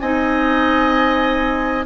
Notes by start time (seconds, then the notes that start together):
0.00 C4 D#4 D#5 G#5